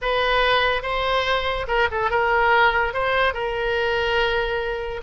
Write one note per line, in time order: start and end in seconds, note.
0.01 0.82 B4
0.82 1.66 C5
1.67 1.88 A#4
1.91 2.10 A4
2.10 2.93 A#4
2.93 3.33 C5
3.33 5.01 A#4